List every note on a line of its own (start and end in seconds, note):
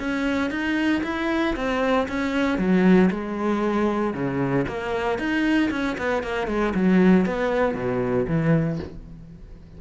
0.00 0.51 C#4
0.51 1.03 D#4
1.04 1.55 E4
1.56 2.08 C4
2.09 2.58 C#4
2.58 3.10 F#3
3.11 4.14 G#3
4.14 4.66 C#3
4.68 5.19 A#3
5.19 5.71 D#4
5.71 5.97 C#4
5.98 6.23 B3
6.23 6.48 A#3
6.48 6.74 G#3
6.75 7.26 F#3
7.26 7.75 B3
7.75 8.27 B2
8.28 8.80 E3